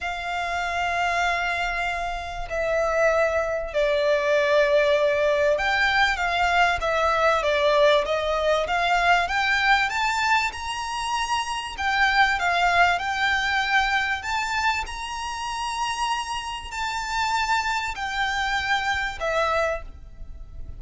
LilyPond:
\new Staff \with { instrumentName = "violin" } { \time 4/4 \tempo 4 = 97 f''1 | e''2 d''2~ | d''4 g''4 f''4 e''4 | d''4 dis''4 f''4 g''4 |
a''4 ais''2 g''4 | f''4 g''2 a''4 | ais''2. a''4~ | a''4 g''2 e''4 | }